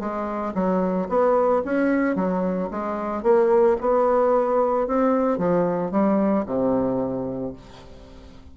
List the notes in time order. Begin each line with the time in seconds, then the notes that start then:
0.00 G#3
0.55 F#3
1.09 B3
1.65 C#4
2.16 F#3
2.71 G#3
3.23 A#3
3.81 B3
4.87 C4
5.38 F3
5.91 G3
6.46 C3